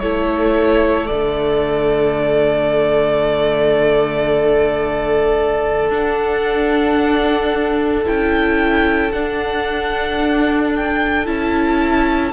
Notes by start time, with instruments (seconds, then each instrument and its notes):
0.00 cello A3, viola E4, violin A4 C#5
1.07 cello D3, viola A3, violin D5
5.90 cello D4, viola D4, violin F#5
8.05 cello C#4, viola E4, violin G5
9.12 viola D4, cello D4, violin F#5
10.76 violin G5
11.26 cello C#4, viola E4, violin A5